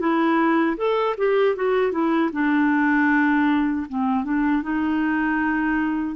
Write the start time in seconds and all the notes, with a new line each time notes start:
0.00 E4
0.77 A4
1.18 G4
1.56 F#4
1.92 E4
2.33 D4
3.89 C4
4.24 D4
4.63 D#4